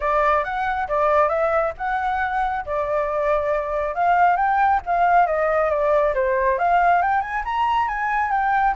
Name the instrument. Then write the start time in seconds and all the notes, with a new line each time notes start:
flute
0.00 D5
0.44 F#5
0.87 D5
1.28 E5
1.77 F#5
2.65 D5
3.95 F5
4.36 G5
4.86 F5
5.26 D#5
5.70 D5
6.14 C5
6.58 F5
7.02 G5
7.21 G#5
7.45 A#5
7.88 G#5
8.31 G5